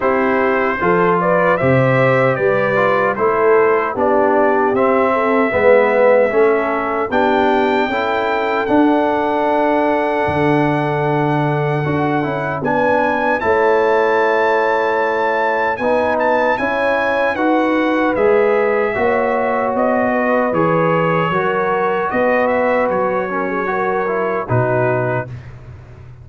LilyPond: <<
  \new Staff \with { instrumentName = "trumpet" } { \time 4/4 \tempo 4 = 76 c''4. d''8 e''4 d''4 | c''4 d''4 e''2~ | e''4 g''2 fis''4~ | fis''1 |
gis''4 a''2. | gis''8 a''8 gis''4 fis''4 e''4~ | e''4 dis''4 cis''2 | dis''8 e''8 cis''2 b'4 | }
  \new Staff \with { instrumentName = "horn" } { \time 4/4 g'4 a'8 b'8 c''4 b'4 | a'4 g'4. a'8 b'4 | a'4 g'4 a'2~ | a'1 |
b'4 cis''2. | b'4 cis''4 b'2 | cis''4. b'4. ais'4 | b'4. ais'16 gis'16 ais'4 fis'4 | }
  \new Staff \with { instrumentName = "trombone" } { \time 4/4 e'4 f'4 g'4. f'8 | e'4 d'4 c'4 b4 | cis'4 d'4 e'4 d'4~ | d'2. fis'8 e'8 |
d'4 e'2. | dis'4 e'4 fis'4 gis'4 | fis'2 gis'4 fis'4~ | fis'4. cis'8 fis'8 e'8 dis'4 | }
  \new Staff \with { instrumentName = "tuba" } { \time 4/4 c'4 f4 c4 g4 | a4 b4 c'4 gis4 | a4 b4 cis'4 d'4~ | d'4 d2 d'8 cis'8 |
b4 a2. | b4 cis'4 dis'4 gis4 | ais4 b4 e4 fis4 | b4 fis2 b,4 | }
>>